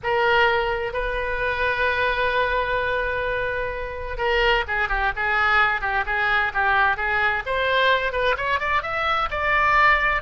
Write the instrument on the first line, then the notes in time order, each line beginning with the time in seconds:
oboe
0.03 A#4
0.93 B4
4.17 A#4
4.67 G#4
4.88 G4
5.16 G#4
5.81 G4
6.06 G#4
6.53 G4
6.96 G#4
7.46 C5
8.12 B4
8.37 C#5
8.59 D5
8.82 E5
9.30 D5